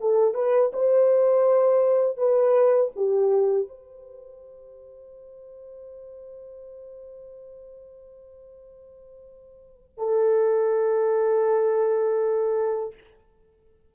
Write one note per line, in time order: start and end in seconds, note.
0.00 0.34 A4
0.34 0.71 B4
0.73 2.17 C5
2.17 2.91 B4
2.96 3.68 G4
3.68 9.98 C5
9.98 12.94 A4